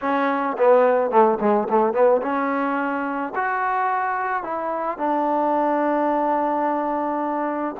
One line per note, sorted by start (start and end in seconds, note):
0.01 0.56 C#4
0.57 1.10 B3
1.10 1.38 A3
1.40 1.68 G#3
1.69 1.93 A3
1.93 2.21 B3
2.21 3.33 C#4
3.35 4.43 F#4
4.43 4.97 E4
4.97 7.75 D4